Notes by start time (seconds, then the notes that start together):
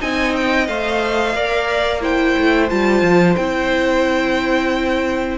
0.00 C4 D#4 D#5 G#5
0.36 G5
0.68 A3 C5 F5
1.35 A#3 A#4 D5
2.01 E4 C5 G5
2.37 A3
2.70 G3 F4 A5
3.02 F3
3.36 C4 E4 G5